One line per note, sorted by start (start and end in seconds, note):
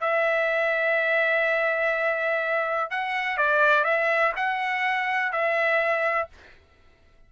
0.00 2.90 E5
2.90 3.37 F#5
3.37 3.84 D5
3.84 4.32 E5
4.36 5.32 F#5
5.32 6.28 E5